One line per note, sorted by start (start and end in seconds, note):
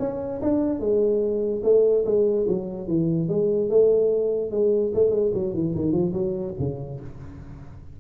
0.00 0.41 C#4
0.42 0.80 D4
0.80 1.63 G#3
1.64 2.05 A3
2.06 2.47 G#3
2.48 2.88 F#3
2.88 3.29 E3
3.29 3.70 G#3
3.70 4.51 A3
4.51 4.93 G#3
4.95 5.11 A3
5.11 5.32 G#3
5.34 5.54 F#3
5.54 5.75 E3
5.76 5.93 D#3
5.93 6.13 F3
6.13 6.55 F#3
6.60 7.01 C#3